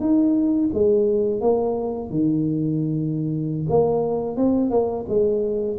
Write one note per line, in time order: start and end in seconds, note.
0.00 0.70 D#4
0.74 1.41 G#3
1.41 2.10 A#3
2.10 3.67 D#3
3.69 4.36 A#3
4.36 4.70 C4
4.70 5.05 A#3
5.08 5.78 G#3